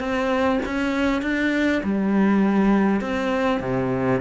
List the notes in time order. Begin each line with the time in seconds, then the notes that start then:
0.00 C4
0.66 C#4
1.22 D4
1.84 G3
3.01 C4
3.61 C3